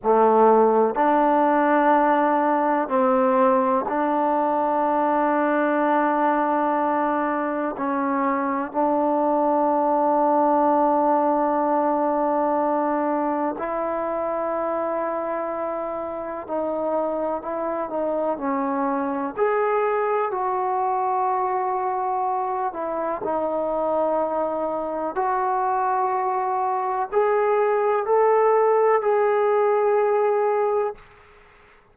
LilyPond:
\new Staff \with { instrumentName = "trombone" } { \time 4/4 \tempo 4 = 62 a4 d'2 c'4 | d'1 | cis'4 d'2.~ | d'2 e'2~ |
e'4 dis'4 e'8 dis'8 cis'4 | gis'4 fis'2~ fis'8 e'8 | dis'2 fis'2 | gis'4 a'4 gis'2 | }